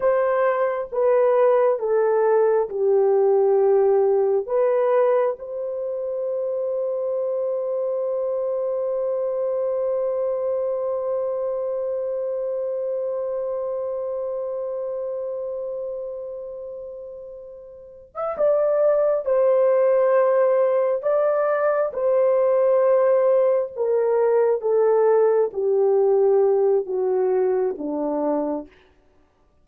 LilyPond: \new Staff \with { instrumentName = "horn" } { \time 4/4 \tempo 4 = 67 c''4 b'4 a'4 g'4~ | g'4 b'4 c''2~ | c''1~ | c''1~ |
c''1~ | c''16 e''16 d''4 c''2 d''8~ | d''8 c''2 ais'4 a'8~ | a'8 g'4. fis'4 d'4 | }